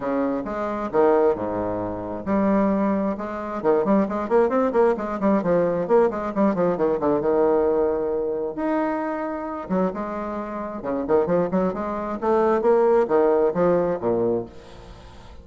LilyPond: \new Staff \with { instrumentName = "bassoon" } { \time 4/4 \tempo 4 = 133 cis4 gis4 dis4 gis,4~ | gis,4 g2 gis4 | dis8 g8 gis8 ais8 c'8 ais8 gis8 g8 | f4 ais8 gis8 g8 f8 dis8 d8 |
dis2. dis'4~ | dis'4. fis8 gis2 | cis8 dis8 f8 fis8 gis4 a4 | ais4 dis4 f4 ais,4 | }